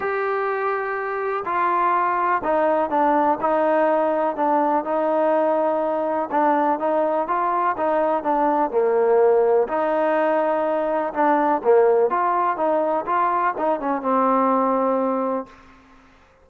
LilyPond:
\new Staff \with { instrumentName = "trombone" } { \time 4/4 \tempo 4 = 124 g'2. f'4~ | f'4 dis'4 d'4 dis'4~ | dis'4 d'4 dis'2~ | dis'4 d'4 dis'4 f'4 |
dis'4 d'4 ais2 | dis'2. d'4 | ais4 f'4 dis'4 f'4 | dis'8 cis'8 c'2. | }